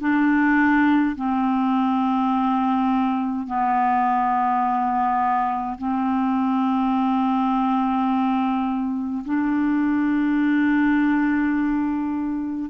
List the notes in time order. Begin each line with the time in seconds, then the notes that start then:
0.00 D4
1.16 C4
3.47 B3
5.77 C4
9.24 D4